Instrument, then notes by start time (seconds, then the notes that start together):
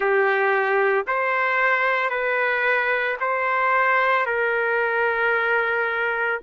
trumpet
0.00 G4
1.07 C5
2.09 B4
3.20 C5
4.26 A#4